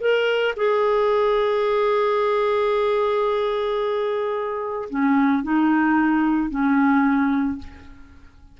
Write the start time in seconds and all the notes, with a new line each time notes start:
0.00 A#4
0.56 G#4
4.89 C#4
5.43 D#4
6.50 C#4